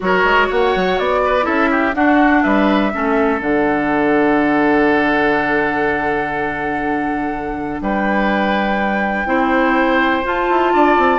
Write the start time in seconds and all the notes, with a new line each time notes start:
0.00 F#3 F#4 A#4 C#5
0.24 G#3
0.48 A#3 C#5 F#5
0.75 F#3
0.98 B3 D5
1.25 B4
1.42 C#4 E4 A4 E5
1.70 G4
1.94 D4 F#4 F#5
2.42 G3 B4 E5
2.92 A3 C#4 A4
3.39 D3 D4 F#5
7.81 G3 B4 G5
9.25 C4 E4 C5
10.24 F4 A5
10.49 E4
10.73 D4 D5
10.98 C4